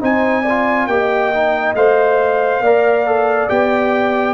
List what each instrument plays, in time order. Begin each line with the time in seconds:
0.00 tuba C4, trombone D#4, horn C5, trumpet G#5
0.43 horn D5
0.49 trombone F4
0.87 tuba A#3, trombone G4, horn D#5, trumpet G5
1.34 trombone D#4
1.75 tuba A3, trombone C5, trumpet F5
2.61 tuba A#3, trombone A#4, horn D5
3.06 trombone A4
3.49 tuba B3, trombone G4, trumpet G5